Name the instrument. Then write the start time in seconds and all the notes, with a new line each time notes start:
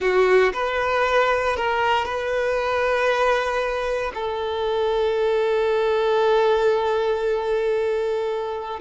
violin
0.00 F#4
0.53 B4
1.56 A#4
2.05 B4
4.14 A4